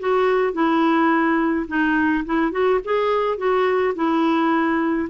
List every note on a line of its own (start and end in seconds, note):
0.00 0.54 F#4
0.54 1.67 E4
1.68 2.24 D#4
2.25 2.52 E4
2.52 2.80 F#4
2.85 3.38 G#4
3.38 3.94 F#4
3.96 5.09 E4